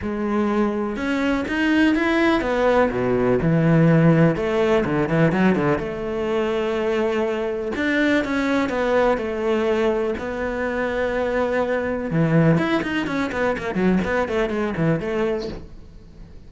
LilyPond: \new Staff \with { instrumentName = "cello" } { \time 4/4 \tempo 4 = 124 gis2 cis'4 dis'4 | e'4 b4 b,4 e4~ | e4 a4 d8 e8 fis8 d8 | a1 |
d'4 cis'4 b4 a4~ | a4 b2.~ | b4 e4 e'8 dis'8 cis'8 b8 | ais8 fis8 b8 a8 gis8 e8 a4 | }